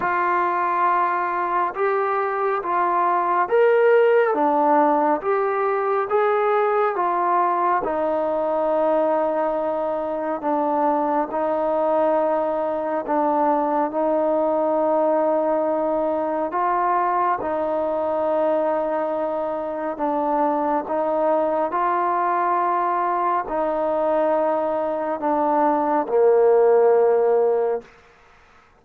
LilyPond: \new Staff \with { instrumentName = "trombone" } { \time 4/4 \tempo 4 = 69 f'2 g'4 f'4 | ais'4 d'4 g'4 gis'4 | f'4 dis'2. | d'4 dis'2 d'4 |
dis'2. f'4 | dis'2. d'4 | dis'4 f'2 dis'4~ | dis'4 d'4 ais2 | }